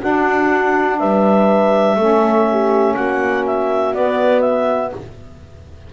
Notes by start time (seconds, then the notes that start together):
0.00 D4 F#4 F#5
0.99 G3 B4 E5
1.96 A3 C#4 A4
2.51 G4
2.95 A#3 F#4 F#5
3.46 E5
3.93 B3 D5
4.41 E5